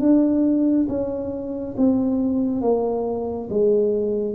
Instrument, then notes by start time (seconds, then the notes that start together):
tuba
0.00 D4
0.89 C#4
1.77 C4
2.61 A#3
3.50 G#3